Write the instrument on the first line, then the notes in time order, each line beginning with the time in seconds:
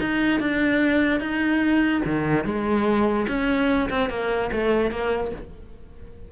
cello
0.00 D#4
0.40 D4
1.20 D#4
2.05 D#3
2.45 G#3
3.28 C#4
3.90 C4
4.10 A#3
4.52 A3
4.91 A#3